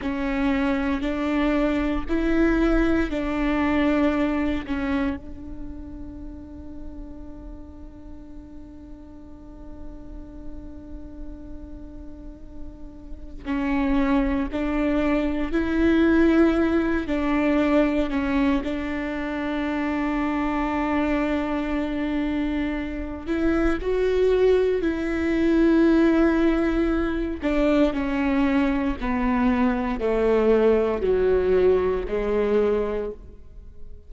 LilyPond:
\new Staff \with { instrumentName = "viola" } { \time 4/4 \tempo 4 = 58 cis'4 d'4 e'4 d'4~ | d'8 cis'8 d'2.~ | d'1~ | d'4 cis'4 d'4 e'4~ |
e'8 d'4 cis'8 d'2~ | d'2~ d'8 e'8 fis'4 | e'2~ e'8 d'8 cis'4 | b4 a4 fis4 gis4 | }